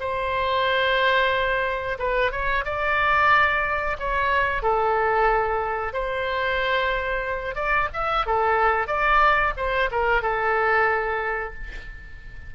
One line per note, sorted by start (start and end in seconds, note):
0.00 1.98 C5
1.98 2.31 B4
2.31 2.64 C#5
2.65 3.97 D5
3.99 4.62 C#5
4.62 5.93 A4
5.93 7.55 C5
7.55 7.88 D5
7.93 8.26 E5
8.26 8.87 A4
8.87 9.53 D5
9.56 9.89 C5
9.91 10.22 A#4
10.22 11.54 A4